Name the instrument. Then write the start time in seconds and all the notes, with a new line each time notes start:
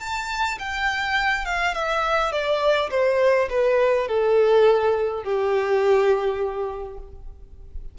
violin
0.00 A5
0.59 G5
1.45 F5
1.74 E5
2.32 D5
2.90 C5
3.50 B4
4.08 A4
5.23 G4